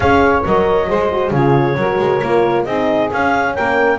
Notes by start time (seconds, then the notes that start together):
0.00 C#4 G#4 C#5 F5
0.45 F#3 A#4 D#5
0.88 G#3 G#4 C5
1.11 F#4
1.30 C#3 F4 G#4 C#5
1.75 F#3 F#4 A#4
1.98 G#3
2.22 A#3 F4
2.64 C4 D#4 G#4 D#5
3.12 C#4 F5
3.55 A#3 A#4 G5